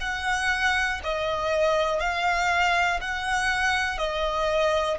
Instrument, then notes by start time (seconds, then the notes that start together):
violin
0.00 F#5
1.03 D#5
2.00 F5
3.00 F#5
3.98 D#5